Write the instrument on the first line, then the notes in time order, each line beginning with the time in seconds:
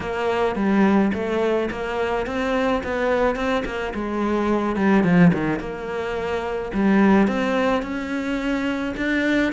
cello
0.00 A#3
0.55 G3
1.13 A3
1.70 A#3
2.26 C4
2.83 B3
3.35 C4
3.65 A#3
3.94 G#3
4.76 G3
5.03 F3
5.33 D#3
5.59 A#3
6.73 G3
7.27 C4
7.82 C#4
8.96 D4